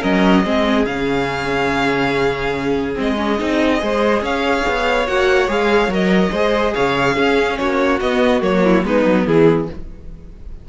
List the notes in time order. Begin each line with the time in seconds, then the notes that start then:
0.00 F#3 C#4 A#4 D#5
0.44 G#3 C4 G#4
0.85 C#3 C#4 F5
2.95 G#3 C4 D#5
3.17 C#4
3.39 C4 D#4
3.79 G#3 G#4 C5
4.21 C#4 C#5 F5
4.68 B3
5.07 A#3 F#4 F#5
5.48 G#3 G#4 F5
5.88 F#3 A#4 D#5
6.31 G#3 G#4 C5
6.74 C#3 C#5 F5
7.15 C#4 G#4
7.58 A#3 F#4 C#5
8.00 B3 D#5
8.41 F#3 A#3 C#5
8.64 E4
8.84 G#3 B3 D#4 B4
9.05 F#3
9.27 E3 E4 G#4